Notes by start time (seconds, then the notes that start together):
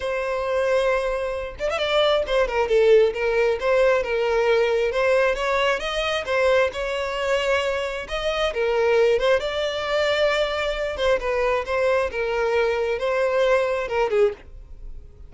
0.00 C5
1.59 D5
1.70 E5
1.78 D5
2.27 C5
2.47 A#4
2.68 A4
3.13 A#4
3.59 C5
4.03 A#4
4.91 C5
5.35 C#5
5.79 D#5
6.25 C5
6.72 C#5
8.08 D#5
8.53 A#4
9.19 C5
9.40 D5
10.96 C5
11.19 B4
11.65 C5
12.11 A#4
12.98 C5
13.88 A#4
14.10 G#4